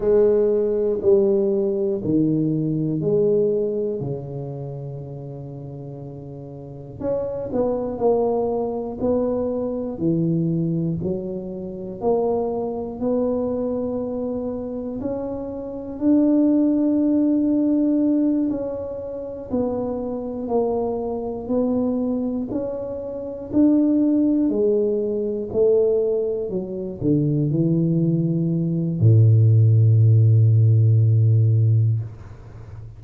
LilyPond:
\new Staff \with { instrumentName = "tuba" } { \time 4/4 \tempo 4 = 60 gis4 g4 dis4 gis4 | cis2. cis'8 b8 | ais4 b4 e4 fis4 | ais4 b2 cis'4 |
d'2~ d'8 cis'4 b8~ | b8 ais4 b4 cis'4 d'8~ | d'8 gis4 a4 fis8 d8 e8~ | e4 a,2. | }